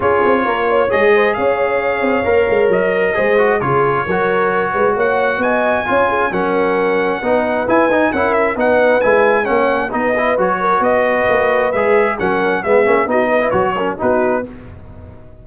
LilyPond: <<
  \new Staff \with { instrumentName = "trumpet" } { \time 4/4 \tempo 4 = 133 cis''2 dis''4 f''4~ | f''2 dis''2 | cis''2. fis''4 | gis''2 fis''2~ |
fis''4 gis''4 fis''8 e''8 fis''4 | gis''4 fis''4 dis''4 cis''4 | dis''2 e''4 fis''4 | e''4 dis''4 cis''4 b'4 | }
  \new Staff \with { instrumentName = "horn" } { \time 4/4 gis'4 ais'8 cis''4 c''8 cis''4~ | cis''2. c''4 | gis'4 ais'4. b'8 cis''4 | dis''4 cis''8 gis'8 ais'2 |
b'2 ais'4 b'4~ | b'4 cis''4 b'4. ais'8 | b'2. ais'4 | gis'4 fis'8 b'4 ais'8 fis'4 | }
  \new Staff \with { instrumentName = "trombone" } { \time 4/4 f'2 gis'2~ | gis'4 ais'2 gis'8 fis'8 | f'4 fis'2.~ | fis'4 f'4 cis'2 |
dis'4 e'8 dis'8 e'4 dis'4 | e'4 cis'4 dis'8 e'8 fis'4~ | fis'2 gis'4 cis'4 | b8 cis'8 dis'8. e'16 fis'8 cis'8 dis'4 | }
  \new Staff \with { instrumentName = "tuba" } { \time 4/4 cis'8 c'8 ais4 gis4 cis'4~ | cis'8 c'8 ais8 gis8 fis4 gis4 | cis4 fis4. gis8 ais4 | b4 cis'4 fis2 |
b4 e'8 dis'8 cis'4 b4 | gis4 ais4 b4 fis4 | b4 ais4 gis4 fis4 | gis8 ais8 b4 fis4 b4 | }
>>